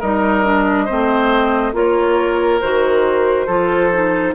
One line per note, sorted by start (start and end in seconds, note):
0.00 0.89 G3
0.00 0.44 D#4
0.00 0.85 A#4
0.00 1.75 D#5
0.44 0.88 D4
0.85 1.73 C4
0.85 1.72 C5
0.91 1.73 A3
1.73 2.60 A#3
1.73 2.60 F4
1.73 3.47 A#4
1.73 2.61 C#5
2.61 3.48 D#3
2.61 3.48 F#4
2.61 4.35 C5
3.47 4.35 F3
3.47 3.91 F4
3.47 4.34 A4
3.93 4.35 D#4